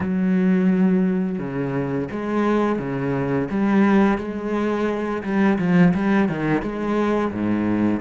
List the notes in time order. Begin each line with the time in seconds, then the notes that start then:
0.00 F#3
1.38 C#3
2.11 G#3
2.78 C#3
3.50 G3
4.18 G#3
5.23 G3
5.58 F3
5.94 G3
6.29 D#3
6.62 G#3
7.32 G#2